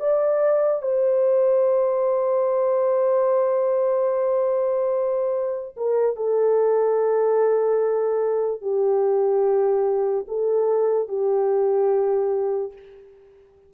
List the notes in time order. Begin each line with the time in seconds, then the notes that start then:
0.00 D5
0.82 C5
5.77 A#4
6.16 A4
8.62 G4
10.28 A4
11.08 G4